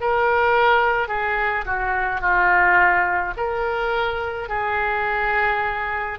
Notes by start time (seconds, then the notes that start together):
0.00 A#4
1.08 G#4
1.65 F#4
2.21 F4
3.37 A#4
4.49 G#4